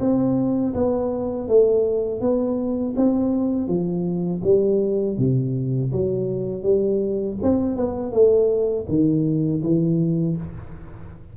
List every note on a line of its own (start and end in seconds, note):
0.00 0.74 C4
0.74 1.48 B3
1.48 2.21 A3
2.21 2.95 B3
2.97 3.68 C4
3.68 4.42 F3
4.44 5.18 G3
5.18 5.92 C3
5.92 6.63 F#3
6.63 7.37 G3
7.43 7.76 C4
7.76 8.12 B3
8.12 8.87 A3
8.89 9.63 D#3
9.63 10.37 E3